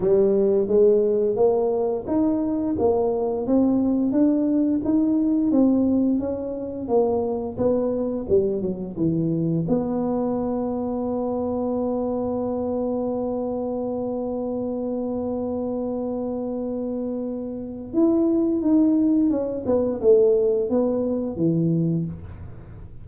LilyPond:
\new Staff \with { instrumentName = "tuba" } { \time 4/4 \tempo 4 = 87 g4 gis4 ais4 dis'4 | ais4 c'4 d'4 dis'4 | c'4 cis'4 ais4 b4 | g8 fis8 e4 b2~ |
b1~ | b1~ | b2 e'4 dis'4 | cis'8 b8 a4 b4 e4 | }